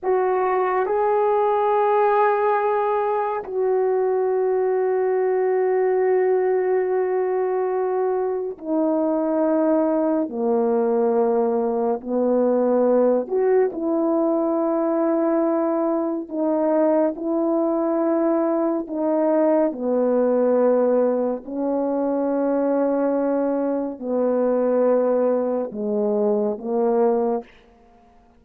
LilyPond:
\new Staff \with { instrumentName = "horn" } { \time 4/4 \tempo 4 = 70 fis'4 gis'2. | fis'1~ | fis'2 dis'2 | ais2 b4. fis'8 |
e'2. dis'4 | e'2 dis'4 b4~ | b4 cis'2. | b2 gis4 ais4 | }